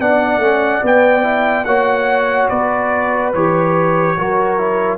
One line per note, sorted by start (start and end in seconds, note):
0.00 0.38 B3
0.00 0.41 D4
0.00 1.67 D5
0.00 0.84 F#5
0.38 0.80 A3
0.38 0.82 C#4
0.82 1.23 B3
0.82 1.65 B3
0.82 1.65 G5
1.23 1.65 E4
1.65 2.48 A#3
1.65 3.34 F#4
1.65 2.50 C#5
1.65 2.49 F#5
2.49 3.34 B3
2.49 4.17 B4
2.49 3.32 D5
3.34 4.17 E3
3.34 4.18 G4
3.34 4.98 C#5
4.17 4.98 F#3
4.17 4.57 F#4
4.17 4.98 A#4
4.57 4.98 E4